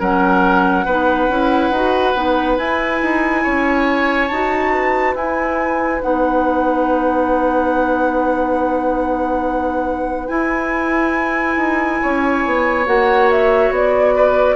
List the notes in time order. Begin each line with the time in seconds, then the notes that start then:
0.00 F#3 C#4 A#4 F#5
0.86 B3 D#4 B4
1.29 C#4 E4
1.70 D#4 F#4
2.15 B3 D#4
2.58 E4 G#5
3.02 D#4
3.43 C#4 C#5
4.28 D#4 F#4 A5
4.72 B4
5.15 E4 G#5
6.02 B3 D#4 F#5
10.28 E4 G#5
11.57 D#4
12.02 C#4 C#5
12.46 B3
12.86 A#3 F#4 F#5
13.31 E5
13.71 B3 D5
14.16 B4